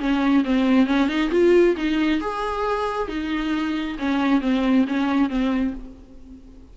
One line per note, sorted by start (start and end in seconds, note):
0.00 0.44 C#4
0.45 0.87 C4
0.87 1.09 C#4
1.09 1.31 D#4
1.32 1.76 F4
1.77 2.21 D#4
2.21 3.09 G#4
3.09 3.98 D#4
3.99 4.42 C#4
4.42 4.86 C4
4.88 5.30 C#4
5.30 5.74 C4